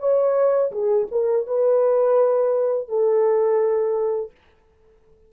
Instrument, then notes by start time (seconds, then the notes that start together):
horn
0.00 C#5
0.72 G#4
1.12 A#4
1.47 B4
2.89 A4